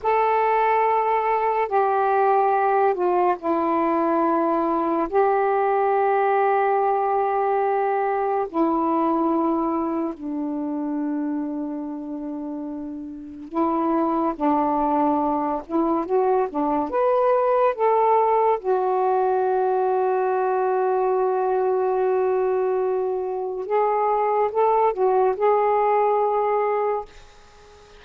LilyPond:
\new Staff \with { instrumentName = "saxophone" } { \time 4/4 \tempo 4 = 71 a'2 g'4. f'8 | e'2 g'2~ | g'2 e'2 | d'1 |
e'4 d'4. e'8 fis'8 d'8 | b'4 a'4 fis'2~ | fis'1 | gis'4 a'8 fis'8 gis'2 | }